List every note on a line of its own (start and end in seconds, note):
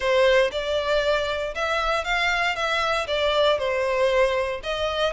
0.00 0.51 C5
0.51 1.54 D5
1.55 2.04 E5
2.04 2.55 F5
2.55 3.06 E5
3.07 3.58 D5
3.58 4.61 C5
4.63 5.12 D#5